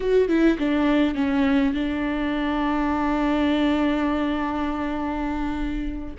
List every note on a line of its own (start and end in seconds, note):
0.00 0.28 F#4
0.28 0.57 E4
0.58 1.15 D4
1.15 1.74 C#4
1.74 6.15 D4